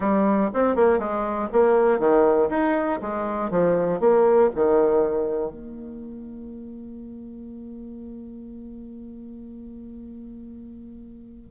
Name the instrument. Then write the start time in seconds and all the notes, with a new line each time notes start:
bassoon
0.00 G3
0.53 C4
0.75 A#3
0.99 G#3
1.52 A#3
1.99 D#3
2.49 D#4
3.01 G#3
3.50 F3
4.00 A#3
4.55 D#3
5.51 A#3